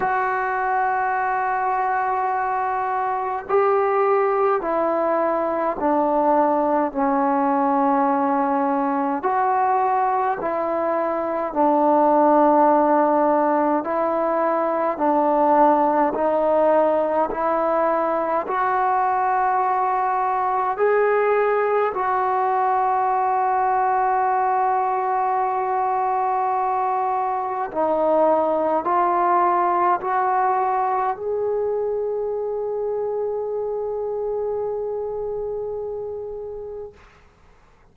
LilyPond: \new Staff \with { instrumentName = "trombone" } { \time 4/4 \tempo 4 = 52 fis'2. g'4 | e'4 d'4 cis'2 | fis'4 e'4 d'2 | e'4 d'4 dis'4 e'4 |
fis'2 gis'4 fis'4~ | fis'1 | dis'4 f'4 fis'4 gis'4~ | gis'1 | }